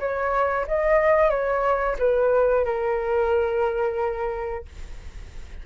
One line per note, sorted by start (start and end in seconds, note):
0.00 0.67 C#5
0.67 1.30 D#5
1.30 1.96 C#5
1.99 2.65 B4
2.65 4.65 A#4